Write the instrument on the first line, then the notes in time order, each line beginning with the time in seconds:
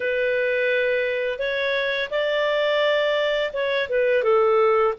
clarinet
0.00 B4
1.38 C#5
2.10 D5
3.53 C#5
3.89 B4
4.23 A4